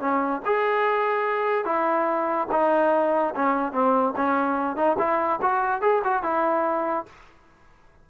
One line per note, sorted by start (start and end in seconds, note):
0.00 0.41 C#4
0.46 1.65 G#4
1.65 2.48 E4
2.51 3.34 D#4
3.35 3.72 C#4
3.72 4.14 C4
4.16 4.76 C#4
4.76 4.97 D#4
4.99 5.40 E4
5.42 5.82 F#4
5.82 6.02 G#4
6.04 6.23 F#4
6.23 7.06 E4